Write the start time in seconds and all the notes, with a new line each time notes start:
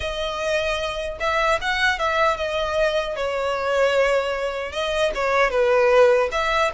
0.00 D#5
1.19 E5
1.61 F#5
1.98 E5
2.36 D#5
3.15 C#5
4.72 D#5
5.14 C#5
5.50 B4
6.31 E5